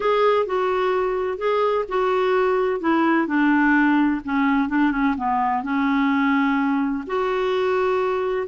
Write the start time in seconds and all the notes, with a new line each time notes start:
0.00 G#4
0.46 F#4
1.37 G#4
1.88 F#4
2.80 E4
3.27 D4
4.24 C#4
4.69 D4
4.91 C#4
5.17 B3
5.63 C#4
7.06 F#4